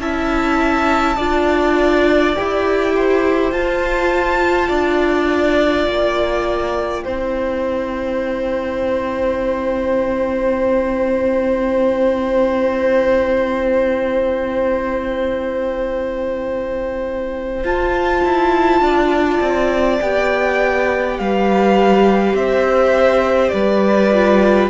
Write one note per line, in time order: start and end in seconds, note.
0.00 1.18 C#4
0.00 1.18 E4
0.00 1.17 E5
0.00 2.36 A5
1.17 2.36 D4
1.17 2.36 F4
1.17 2.93 D5
2.36 3.52 E4
2.36 3.53 G4
2.36 3.52 G5
2.96 4.69 C5
3.52 4.70 F4
3.52 7.05 F4
3.52 5.86 A5
4.69 5.88 D4
4.69 7.04 D5
5.86 7.06 A#3
5.86 17.63 G5
7.05 17.64 C4
7.05 17.64 E4
7.05 18.81 C5
17.64 18.23 F4
17.64 20.00 F4
17.64 20.01 A5
18.25 18.81 E4
18.81 19.40 D4
18.81 21.18 D5
19.41 20.00 C4
20.01 21.19 B3
20.01 24.12 G4
20.01 21.18 G5
21.18 22.34 G3
21.18 22.37 B4
21.18 22.36 F5
22.34 23.52 C4
22.34 23.54 C5
22.34 23.49 E5
23.49 24.70 G3
23.49 24.70 B4
23.49 24.67 D5
24.12 24.70 F4